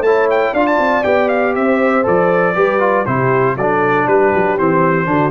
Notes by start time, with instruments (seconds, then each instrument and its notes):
0.00 tuba A3, trombone E4, horn C#5, trumpet A5
0.30 trumpet G5
0.53 tuba D4, trombone F4, horn D5, trumpet F5
0.67 trumpet A5
0.78 tuba C4
1.04 tuba B3, trombone G4, trumpet G5
1.28 trumpet F5
1.55 tuba C4, horn C5, trumpet E5
2.03 tuba F3, trombone A4, trumpet D5
2.55 tuba G3, trombone G4, horn B4
2.79 trombone F4
3.06 tuba C3, trombone E4, horn G4, trumpet C5
3.56 tuba F#3, trombone D4, horn A4, trumpet D5
4.06 tuba G3, horn G4, trumpet B4
4.35 tuba F#3
4.58 tuba E3, trombone C4, trumpet C5
5.05 tuba D3, trombone D4, horn F#4